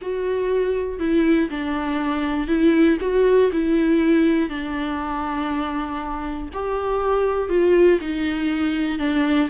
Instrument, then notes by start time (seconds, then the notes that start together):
viola
0.01 F#4
0.99 E4
1.50 D4
2.47 E4
3.00 F#4
3.52 E4
4.49 D4
6.53 G4
7.49 F4
8.00 D#4
8.99 D4